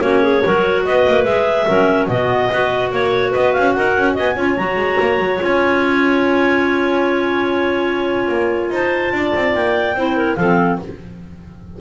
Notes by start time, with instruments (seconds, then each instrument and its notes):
0.00 double bass A#3, clarinet C#4 F#4 C#5
0.23 clarinet G#4
0.44 double bass F#3, clarinet F#4 A#4
0.85 double bass B3, clarinet B4 D#5
1.08 double bass A#3
1.25 double bass G#3, clarinet G#4 E5
1.68 double bass F#3, clarinet C#4 A#4
2.08 double bass B2, clarinet B3 F#4 D#5
2.50 double bass B3, clarinet F#4 B4
2.92 double bass A#3, clarinet C#5
3.31 double bass B3, clarinet B4 D#5
3.53 double bass C#4, clarinet F5
3.74 double bass D#4, clarinet A#4 F#5
3.97 double bass C#4
4.14 double bass B3, clarinet D#5 G#5
4.36 double bass C#4, clarinet F4 C#5
4.57 double bass F#3, clarinet F#4 A#5
4.77 double bass G#3
5.01 double bass A#3
5.19 double bass F#3
5.38 double bass C#4, clarinet F4 G#5
8.29 double bass A#3
8.70 double bass D#4, clarinet C5 A5
9.12 double bass D4, clarinet D5
9.36 double bass C4
9.54 double bass A#3, clarinet G5
9.95 double bass C4, clarinet E4 C5
10.17 clarinet A#4
10.36 double bass F3, clarinet C4 A4 F5